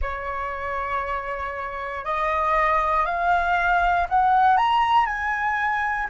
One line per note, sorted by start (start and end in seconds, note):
0.01 2.04 C#5
2.04 3.05 D#5
3.05 4.07 F5
4.09 4.57 F#5
4.57 5.06 A#5
5.06 6.07 G#5